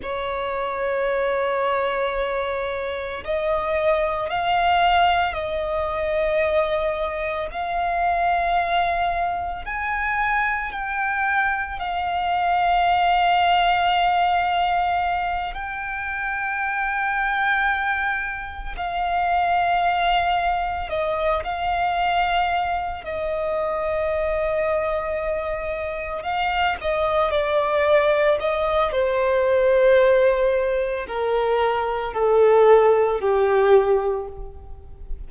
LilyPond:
\new Staff \with { instrumentName = "violin" } { \time 4/4 \tempo 4 = 56 cis''2. dis''4 | f''4 dis''2 f''4~ | f''4 gis''4 g''4 f''4~ | f''2~ f''8 g''4.~ |
g''4. f''2 dis''8 | f''4. dis''2~ dis''8~ | dis''8 f''8 dis''8 d''4 dis''8 c''4~ | c''4 ais'4 a'4 g'4 | }